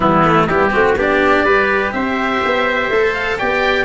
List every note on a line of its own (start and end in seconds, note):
0.00 0.47 E3
0.00 0.24 G3
0.00 0.46 B3
0.00 0.47 E4
0.24 0.48 A3
0.46 0.71 G3
0.46 0.70 B3
0.46 0.71 E4
0.46 0.95 G4
0.70 0.95 A3
0.70 0.94 C4
0.70 0.97 F#4
0.95 1.43 B3
0.95 1.46 D4
0.95 1.45 G4
0.95 1.92 D5
1.43 1.91 G3
1.43 2.92 G4
1.43 1.93 B4
1.92 2.42 C4
1.92 3.38 C5
1.92 3.13 E5
2.45 2.89 B3
2.89 3.37 A3
2.89 3.38 A4
3.13 3.37 F5
3.38 3.84 B3
3.38 3.84 G4
3.38 3.84 D5
3.38 3.84 G5